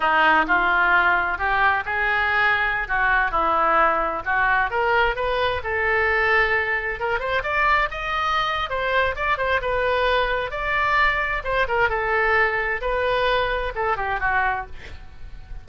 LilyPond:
\new Staff \with { instrumentName = "oboe" } { \time 4/4 \tempo 4 = 131 dis'4 f'2 g'4 | gis'2~ gis'16 fis'4 e'8.~ | e'4~ e'16 fis'4 ais'4 b'8.~ | b'16 a'2. ais'8 c''16~ |
c''16 d''4 dis''4.~ dis''16 c''4 | d''8 c''8 b'2 d''4~ | d''4 c''8 ais'8 a'2 | b'2 a'8 g'8 fis'4 | }